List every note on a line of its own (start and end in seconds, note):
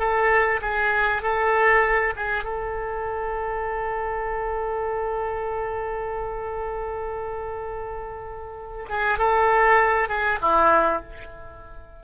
0.00 0.61 A4
0.62 1.22 G#4
1.22 2.14 A4
2.16 2.44 G#4
2.44 8.87 A4
8.89 9.19 G#4
9.19 10.09 A4
10.09 10.39 G#4
10.42 11.03 E4